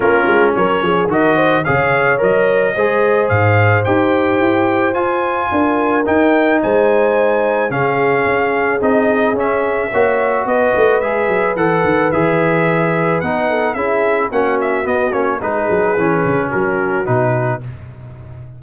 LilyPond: <<
  \new Staff \with { instrumentName = "trumpet" } { \time 4/4 \tempo 4 = 109 ais'4 cis''4 dis''4 f''4 | dis''2 f''4 g''4~ | g''4 gis''2 g''4 | gis''2 f''2 |
dis''4 e''2 dis''4 | e''4 fis''4 e''2 | fis''4 e''4 fis''8 e''8 dis''8 cis''8 | b'2 ais'4 b'4 | }
  \new Staff \with { instrumentName = "horn" } { \time 4/4 f'4 ais'8 gis'8 ais'8 c''8 cis''4~ | cis''4 c''2.~ | c''2 ais'2 | c''2 gis'2~ |
gis'2 cis''4 b'4~ | b'1~ | b'8 a'8 gis'4 fis'2 | gis'2 fis'2 | }
  \new Staff \with { instrumentName = "trombone" } { \time 4/4 cis'2 fis'4 gis'4 | ais'4 gis'2 g'4~ | g'4 f'2 dis'4~ | dis'2 cis'2 |
dis'4 cis'4 fis'2 | gis'4 a'4 gis'2 | dis'4 e'4 cis'4 b8 cis'8 | dis'4 cis'2 dis'4 | }
  \new Staff \with { instrumentName = "tuba" } { \time 4/4 ais8 gis8 fis8 f8 dis4 cis4 | fis4 gis4 gis,4 dis'4 | e'4 f'4 d'4 dis'4 | gis2 cis4 cis'4 |
c'4 cis'4 ais4 b8 a8 | gis8 fis8 e8 dis8 e2 | b4 cis'4 ais4 b8 ais8 | gis8 fis8 e8 cis8 fis4 b,4 | }
>>